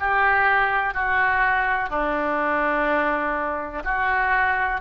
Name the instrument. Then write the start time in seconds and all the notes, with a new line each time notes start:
oboe
0.00 G4
0.94 F#4
1.90 D4
3.84 F#4